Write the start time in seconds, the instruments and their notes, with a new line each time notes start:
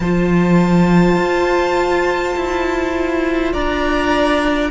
0.00 cello F3, viola F4, violin C5 A5
1.16 cello F4
2.36 cello E4
3.52 cello D4, violin D5 A#5